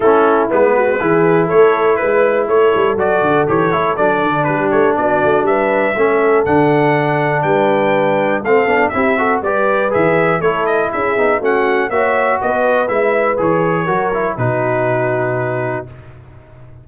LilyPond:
<<
  \new Staff \with { instrumentName = "trumpet" } { \time 4/4 \tempo 4 = 121 a'4 b'2 cis''4 | b'4 cis''4 d''4 cis''4 | d''4 b'8 cis''8 d''4 e''4~ | e''4 fis''2 g''4~ |
g''4 f''4 e''4 d''4 | e''4 cis''8 dis''8 e''4 fis''4 | e''4 dis''4 e''4 cis''4~ | cis''4 b'2. | }
  \new Staff \with { instrumentName = "horn" } { \time 4/4 e'4. fis'8 gis'4 a'4 | b'4 a'2.~ | a'4 g'4 fis'4 b'4 | a'2. b'4~ |
b'4 a'4 g'8 a'8 b'4~ | b'4 a'4 gis'4 fis'4 | cis''4 b'2. | ais'4 fis'2. | }
  \new Staff \with { instrumentName = "trombone" } { \time 4/4 cis'4 b4 e'2~ | e'2 fis'4 g'8 e'8 | d'1 | cis'4 d'2.~ |
d'4 c'8 d'8 e'8 fis'8 g'4 | gis'4 e'4. dis'8 cis'4 | fis'2 e'4 gis'4 | fis'8 e'8 dis'2. | }
  \new Staff \with { instrumentName = "tuba" } { \time 4/4 a4 gis4 e4 a4 | gis4 a8 g8 fis8 d8 e8 a8 | fis8 d8 g8 a8 b8 a8 g4 | a4 d2 g4~ |
g4 a8 b8 c'4 g4 | e4 a4 cis'8 b8 a4 | ais4 b4 gis4 e4 | fis4 b,2. | }
>>